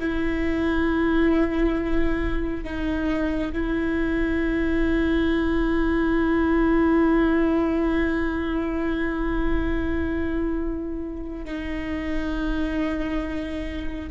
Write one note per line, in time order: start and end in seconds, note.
0.00 2.64 E4
2.64 3.53 D#4
3.53 11.45 E4
11.45 14.10 D#4